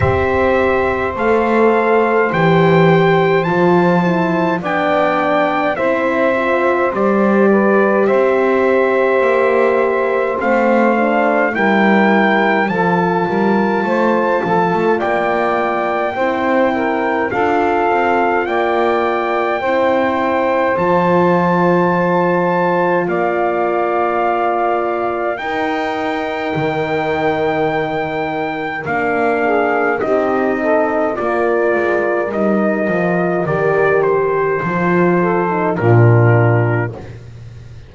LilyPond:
<<
  \new Staff \with { instrumentName = "trumpet" } { \time 4/4 \tempo 4 = 52 e''4 f''4 g''4 a''4 | g''4 e''4 d''4 e''4~ | e''4 f''4 g''4 a''4~ | a''4 g''2 f''4 |
g''2 a''2 | f''2 g''2~ | g''4 f''4 dis''4 d''4 | dis''4 d''8 c''4. ais'4 | }
  \new Staff \with { instrumentName = "saxophone" } { \time 4/4 c''1 | d''4 c''4. b'8 c''4~ | c''2 ais'4 a'8 ais'8 | c''8 a'8 d''4 c''8 ais'8 a'4 |
d''4 c''2. | d''2 ais'2~ | ais'4. gis'8 g'8 a'8 ais'4~ | ais'2~ ais'8 a'8 f'4 | }
  \new Staff \with { instrumentName = "horn" } { \time 4/4 g'4 a'4 g'4 f'8 e'8 | d'4 e'8 f'8 g'2~ | g'4 c'8 d'8 e'4 f'4~ | f'2 e'4 f'4~ |
f'4 e'4 f'2~ | f'2 dis'2~ | dis'4 d'4 dis'4 f'4 | dis'8 f'8 g'4 f'8. dis'16 d'4 | }
  \new Staff \with { instrumentName = "double bass" } { \time 4/4 c'4 a4 e4 f4 | b4 c'4 g4 c'4 | ais4 a4 g4 f8 g8 | a8 f16 a16 ais4 c'4 d'8 c'8 |
ais4 c'4 f2 | ais2 dis'4 dis4~ | dis4 ais4 c'4 ais8 gis8 | g8 f8 dis4 f4 ais,4 | }
>>